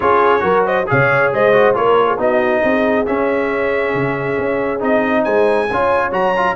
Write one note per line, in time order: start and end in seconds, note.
0.00 0.42 C#4
0.00 0.39 F4
0.00 0.43 G#4
0.00 0.65 C#5
0.39 0.86 F#3
0.39 0.83 F#4
0.39 0.65 A#4
0.65 0.87 C5
0.65 0.88 D#5
0.86 1.32 C#3
0.86 1.52 G#4
0.86 1.33 C#5
0.86 1.33 F5
1.32 1.75 G#3
1.32 1.77 C5
1.32 1.75 D#5
1.52 1.74 F#4
1.74 2.18 A#3
1.74 2.17 F4
1.74 2.06 A#4
1.74 2.18 C#5
2.06 2.17 G#4
2.17 2.62 B3
2.17 3.05 D#4
2.17 2.62 F#4
2.17 3.06 D#5
2.63 3.07 C4
2.63 5.23 G#4
3.06 4.79 C#4
3.06 3.93 C#4
3.06 4.81 E5
3.93 4.37 C#3
4.38 4.81 C#4
4.79 5.25 C4
4.79 5.67 D#4
4.79 5.24 D#5
5.23 5.69 G#3
5.23 5.67 C5
5.23 6.11 G#5
5.69 6.11 C#4
5.69 6.11 F4
5.69 6.56 C#5
6.11 6.55 F#3
6.11 6.33 F#4
6.11 6.56 A#5
6.36 6.56 F4